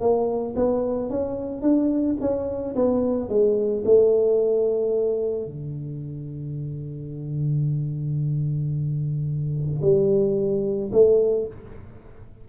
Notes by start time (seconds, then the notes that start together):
0.00 A#3
0.55 B3
1.10 C#4
1.62 D4
2.20 C#4
2.75 B3
3.29 G#3
3.85 A3
5.45 D3
9.82 G3
10.92 A3